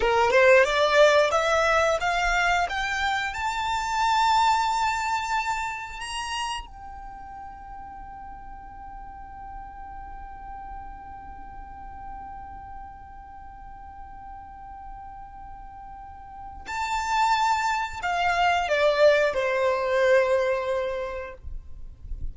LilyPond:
\new Staff \with { instrumentName = "violin" } { \time 4/4 \tempo 4 = 90 ais'8 c''8 d''4 e''4 f''4 | g''4 a''2.~ | a''4 ais''4 g''2~ | g''1~ |
g''1~ | g''1~ | g''4 a''2 f''4 | d''4 c''2. | }